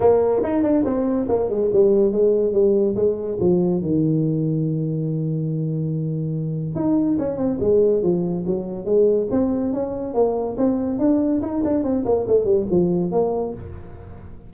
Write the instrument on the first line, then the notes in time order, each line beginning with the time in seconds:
tuba
0.00 A#3
0.43 D#4
0.62 D4
0.84 C4
1.28 A#3
1.49 G#3
1.72 G3
2.12 G#3
2.52 G3
2.95 G#3
3.40 F3
3.81 D#3
6.75 D#4
7.18 C#4
7.37 C4
7.60 G#3
8.02 F3
8.46 F#3
8.85 G#3
9.31 C4
9.73 C#4
10.14 A#3
10.57 C4
10.99 D4
11.41 D#4
11.64 D4
11.83 C4
12.05 A#3
12.27 A3
12.44 G3
12.70 F3
13.11 A#3